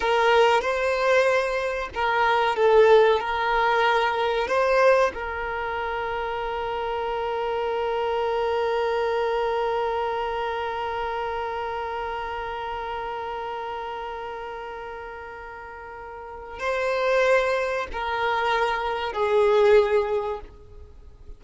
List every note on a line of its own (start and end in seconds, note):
0.00 0.61 A#4
0.61 1.89 C5
1.94 2.56 A#4
2.56 3.19 A4
3.20 4.47 A#4
4.47 5.11 C5
5.14 16.59 A#4
16.59 17.87 C5
17.92 19.12 A#4
19.12 20.40 G#4